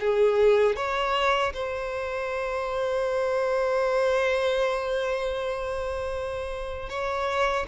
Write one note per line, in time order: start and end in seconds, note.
0.00 0.76 G#4
0.76 1.53 C#5
1.53 6.89 C5
6.89 7.66 C#5